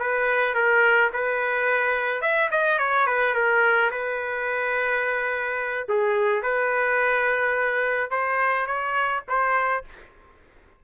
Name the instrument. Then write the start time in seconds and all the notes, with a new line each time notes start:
trumpet
0.00 B4
0.55 A#4
1.13 B4
2.22 E5
2.52 D#5
2.79 C#5
3.07 B4
3.35 A#4
3.92 B4
5.89 G#4
6.43 B4
8.11 C5
8.67 C#5
9.29 C5